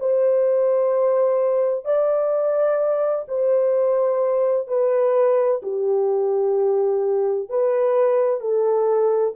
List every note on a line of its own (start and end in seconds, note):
0.00 1.85 C5
1.85 3.26 D5
3.28 4.68 C5
4.68 5.62 B4
5.62 7.50 G4
7.50 8.41 B4
8.41 9.35 A4